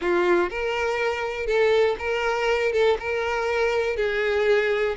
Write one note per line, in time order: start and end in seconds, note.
0.01 0.50 F4
0.50 1.46 A#4
1.46 1.96 A4
1.98 2.72 A#4
2.72 2.97 A4
2.99 3.96 A#4
3.96 4.95 G#4